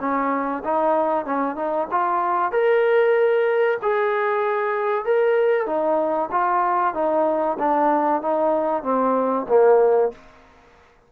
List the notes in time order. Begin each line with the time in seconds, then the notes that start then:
0.00 C#4
0.64 D#4
1.26 C#4
1.56 D#4
1.91 F4
2.52 A#4
3.82 G#4
5.05 A#4
5.66 D#4
6.32 F4
6.94 D#4
7.59 D4
8.22 D#4
8.83 C4
9.49 A#3